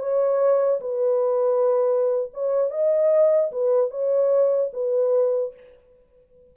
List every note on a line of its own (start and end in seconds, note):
0.00 0.81 C#5
0.81 2.32 B4
2.34 2.71 C#5
2.71 3.52 D#5
3.52 3.91 B4
3.91 4.72 C#5
4.74 5.54 B4